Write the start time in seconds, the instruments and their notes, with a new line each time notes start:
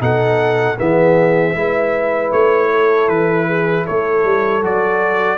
0.00 tuba B2, trombone D#4, horn A4, trumpet F#5
0.79 tuba E3, trombone B3, horn G#4, trumpet E5
1.54 tuba G#3, trombone E4, horn B4
2.32 tuba A3, trumpet C#5
2.71 horn A4
3.08 tuba E3, trumpet B4
3.47 horn G#4
3.84 tuba A3, horn A4, trumpet C#5
4.25 tuba G3
4.62 tuba F#3, trombone F#4, trumpet D5